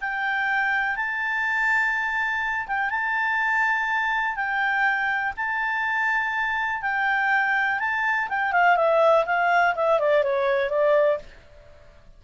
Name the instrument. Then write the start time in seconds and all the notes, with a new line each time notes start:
clarinet
0.00 G5
0.96 A5
2.67 G5
2.90 A5
4.35 G5
5.36 A5
6.81 G5
7.79 A5
8.29 G5
8.52 F5
8.76 E5
9.25 F5
9.75 E5
9.99 D5
10.23 C#5
10.69 D5